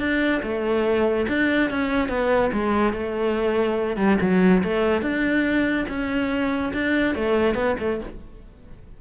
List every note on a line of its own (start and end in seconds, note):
0.00 0.42 D4
0.43 1.27 A3
1.29 1.71 D4
1.71 2.09 C#4
2.09 2.51 B3
2.53 2.94 G#3
2.94 3.97 A3
3.97 4.18 G3
4.22 4.64 F#3
4.64 5.02 A3
5.02 5.86 D4
5.89 6.73 C#4
6.74 7.15 D4
7.15 7.55 A3
7.55 7.76 B3
7.80 8.01 A3